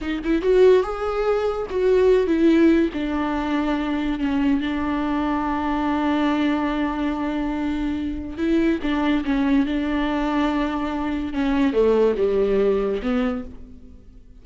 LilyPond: \new Staff \with { instrumentName = "viola" } { \time 4/4 \tempo 4 = 143 dis'8 e'8 fis'4 gis'2 | fis'4. e'4. d'4~ | d'2 cis'4 d'4~ | d'1~ |
d'1 | e'4 d'4 cis'4 d'4~ | d'2. cis'4 | a4 g2 b4 | }